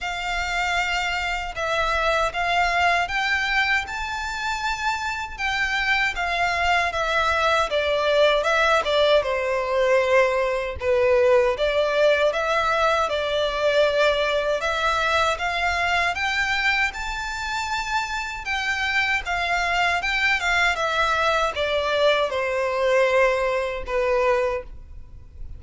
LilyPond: \new Staff \with { instrumentName = "violin" } { \time 4/4 \tempo 4 = 78 f''2 e''4 f''4 | g''4 a''2 g''4 | f''4 e''4 d''4 e''8 d''8 | c''2 b'4 d''4 |
e''4 d''2 e''4 | f''4 g''4 a''2 | g''4 f''4 g''8 f''8 e''4 | d''4 c''2 b'4 | }